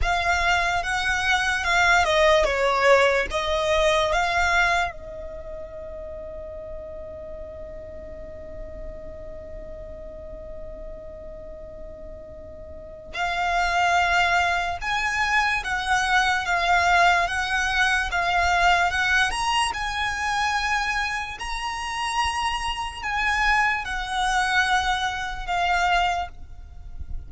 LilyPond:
\new Staff \with { instrumentName = "violin" } { \time 4/4 \tempo 4 = 73 f''4 fis''4 f''8 dis''8 cis''4 | dis''4 f''4 dis''2~ | dis''1~ | dis''1 |
f''2 gis''4 fis''4 | f''4 fis''4 f''4 fis''8 ais''8 | gis''2 ais''2 | gis''4 fis''2 f''4 | }